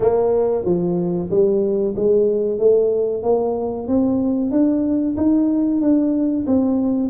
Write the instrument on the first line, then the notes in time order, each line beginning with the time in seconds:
tuba
0.00 A#3
0.64 F3
1.30 G3
1.95 G#3
2.58 A3
3.23 A#3
3.87 C4
4.51 D4
5.16 D#4
5.81 D4
6.46 C4